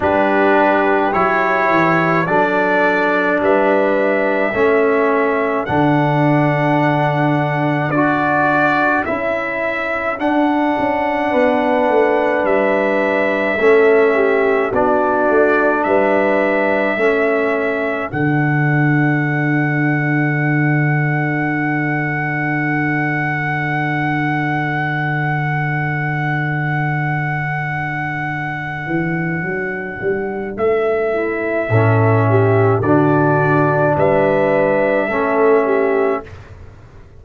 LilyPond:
<<
  \new Staff \with { instrumentName = "trumpet" } { \time 4/4 \tempo 4 = 53 b'4 cis''4 d''4 e''4~ | e''4 fis''2 d''4 | e''4 fis''2 e''4~ | e''4 d''4 e''2 |
fis''1~ | fis''1~ | fis''2. e''4~ | e''4 d''4 e''2 | }
  \new Staff \with { instrumentName = "horn" } { \time 4/4 g'2 a'4 b'4 | a'1~ | a'2 b'2 | a'8 g'8 fis'4 b'4 a'4~ |
a'1~ | a'1~ | a'2.~ a'8 e'8 | a'8 g'8 fis'4 b'4 a'8 g'8 | }
  \new Staff \with { instrumentName = "trombone" } { \time 4/4 d'4 e'4 d'2 | cis'4 d'2 fis'4 | e'4 d'2. | cis'4 d'2 cis'4 |
d'1~ | d'1~ | d'1 | cis'4 d'2 cis'4 | }
  \new Staff \with { instrumentName = "tuba" } { \time 4/4 g4 fis8 e8 fis4 g4 | a4 d2 d'4 | cis'4 d'8 cis'8 b8 a8 g4 | a4 b8 a8 g4 a4 |
d1~ | d1~ | d4. e8 fis8 g8 a4 | a,4 d4 g4 a4 | }
>>